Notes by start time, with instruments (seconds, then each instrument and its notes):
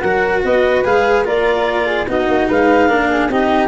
0.00 tuba F#3, cello F#4, flute A#4, clarinet F#5
0.43 tuba B3, flute B4, clarinet D#5
0.84 tuba G#3, cello G#4, clarinet F5
1.24 tuba A#3, cello F4, flute A#4, clarinet D5
1.86 flute G#4
2.07 tuba B3, cello D#4, flute F#4, clarinet D#5
2.28 tuba A#3
2.48 tuba G#3, flute B4, clarinet F5
2.88 tuba A#3, cello D4, flute A#4
3.09 flute G#4
3.28 tuba C4, cello D#4, flute G4, clarinet D#5